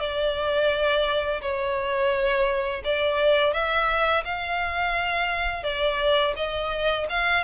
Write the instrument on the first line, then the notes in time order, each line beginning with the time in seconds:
violin
0.00 D5
1.41 C#5
2.84 D5
3.53 E5
4.25 F5
5.63 D5
6.36 D#5
7.09 F5